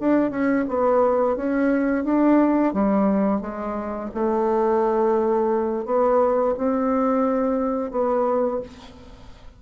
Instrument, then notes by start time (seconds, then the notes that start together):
bassoon
0.00 D4
0.31 C#4
0.69 B3
1.36 C#4
2.04 D4
2.74 G3
3.41 G#3
4.14 A3
5.86 B3
6.58 C4
7.92 B3